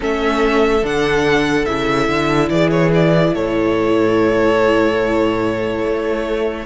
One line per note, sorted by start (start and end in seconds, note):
0.00 0.82 A3
0.00 0.81 C#4
0.00 2.48 A4
0.00 0.85 E5
0.82 1.65 D3
0.82 1.66 D4
0.82 1.65 F#5
1.65 2.07 C#3
1.65 6.65 E4
1.65 2.48 E5
2.07 2.49 D3
2.49 3.32 E3
2.49 3.33 G#4
2.49 2.70 D5
2.70 2.91 C#5
2.94 3.35 D5
3.33 5.84 A2
3.33 6.65 A4
3.33 6.65 C#5
5.84 6.65 A3